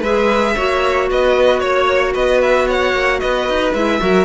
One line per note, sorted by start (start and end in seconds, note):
0.00 0.55 G#3
0.00 0.56 G#4
0.00 0.53 B4
0.00 1.09 E5
0.55 1.10 A#3
0.55 3.74 F#4
0.55 1.09 C#5
1.10 1.61 B3
1.10 1.60 B4
1.10 1.60 D#5
1.60 2.14 A#3
1.60 2.13 C#5
2.13 2.93 B3
2.13 2.66 B4
2.13 2.41 D#5
2.41 2.68 E5
2.67 3.20 C#5
2.67 3.20 F#5
2.93 3.19 A#3
3.20 3.49 B3
3.20 4.00 B4
3.20 3.73 D#5
3.49 3.73 D#4
3.73 3.99 G#3
3.73 3.99 E4
3.73 4.25 E5
3.99 4.25 F#3
3.99 4.25 F#4
3.99 4.25 A#4